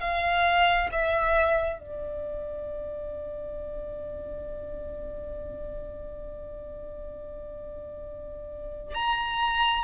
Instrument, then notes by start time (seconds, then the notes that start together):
violin
0.00 F5
0.92 E5
1.79 D5
8.94 A#5